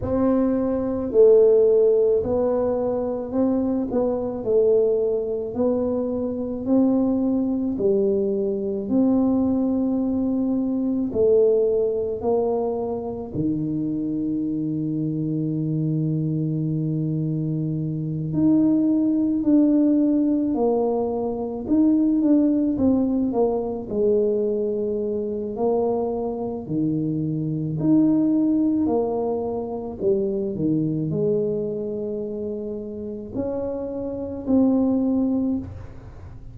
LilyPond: \new Staff \with { instrumentName = "tuba" } { \time 4/4 \tempo 4 = 54 c'4 a4 b4 c'8 b8 | a4 b4 c'4 g4 | c'2 a4 ais4 | dis1~ |
dis8 dis'4 d'4 ais4 dis'8 | d'8 c'8 ais8 gis4. ais4 | dis4 dis'4 ais4 g8 dis8 | gis2 cis'4 c'4 | }